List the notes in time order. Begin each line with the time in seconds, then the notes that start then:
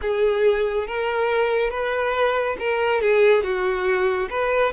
0.01 G#4
0.86 A#4
1.70 B4
2.59 A#4
3.01 G#4
3.43 F#4
4.29 B4